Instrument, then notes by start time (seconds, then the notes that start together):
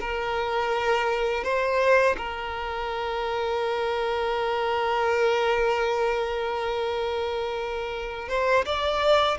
violin
0.00 A#4
1.44 C5
2.17 A#4
8.29 C5
8.65 D5